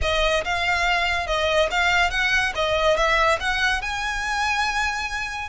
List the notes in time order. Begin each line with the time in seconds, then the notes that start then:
0.01 D#5
0.44 F5
1.27 D#5
1.71 F5
2.10 F#5
2.55 D#5
2.96 E5
3.39 F#5
3.81 G#5